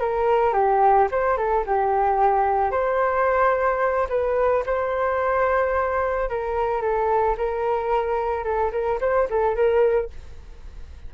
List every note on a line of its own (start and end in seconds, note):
0.00 0.53 A#4
0.53 1.08 G4
1.11 1.37 C5
1.37 1.64 A4
1.66 2.71 G4
2.71 4.08 C5
4.09 4.64 B4
4.66 6.29 C5
6.29 6.82 A#4
6.82 7.36 A4
7.37 8.44 A#4
8.44 8.71 A4
8.72 8.99 A#4
9.01 9.28 C5
9.30 9.56 A4
9.56 10.10 A#4